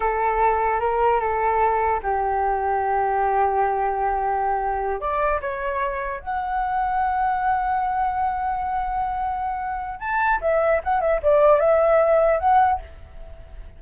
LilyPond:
\new Staff \with { instrumentName = "flute" } { \time 4/4 \tempo 4 = 150 a'2 ais'4 a'4~ | a'4 g'2.~ | g'1~ | g'8 d''4 cis''2 fis''8~ |
fis''1~ | fis''1~ | fis''4 a''4 e''4 fis''8 e''8 | d''4 e''2 fis''4 | }